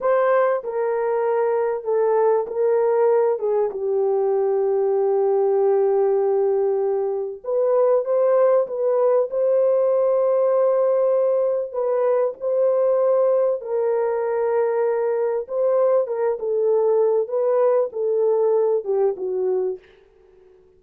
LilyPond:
\new Staff \with { instrumentName = "horn" } { \time 4/4 \tempo 4 = 97 c''4 ais'2 a'4 | ais'4. gis'8 g'2~ | g'1 | b'4 c''4 b'4 c''4~ |
c''2. b'4 | c''2 ais'2~ | ais'4 c''4 ais'8 a'4. | b'4 a'4. g'8 fis'4 | }